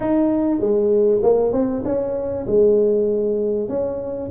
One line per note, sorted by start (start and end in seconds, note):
0.00 0.60 D#4
0.60 1.21 G#3
1.22 1.52 A#3
1.52 1.83 C4
1.85 2.46 C#4
2.46 3.68 G#3
3.68 4.29 C#4